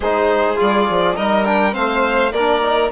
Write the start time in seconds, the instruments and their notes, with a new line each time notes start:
0.00 bassoon G#3, trombone D#4, violin G#4 C5
0.56 bassoon G3, trombone F4, violin D5
0.89 bassoon F3
1.15 bassoon G3, trombone D#4, violin A#4 D#5
1.44 trombone D4, violin G5
1.72 bassoon A3, trombone C4, violin C5 F5
2.32 bassoon A#3, violin A#4 D5
2.38 trombone D4
2.61 trombone D#4